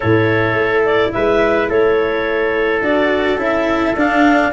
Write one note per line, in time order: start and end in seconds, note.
0.00 0.52 A2
0.00 2.83 E4
0.00 1.11 A4
0.00 0.84 C#5
0.52 1.09 A3
0.85 1.11 D5
1.11 1.69 G#3
1.11 1.69 B4
1.11 1.68 E5
1.69 2.81 A3
1.69 4.52 A4
1.69 2.83 C#5
2.81 3.36 D4
2.81 3.38 F#4
2.81 3.39 D5
3.36 3.92 C#4
3.36 3.94 E4
3.36 3.96 E5
3.95 4.52 D4
3.95 4.52 F5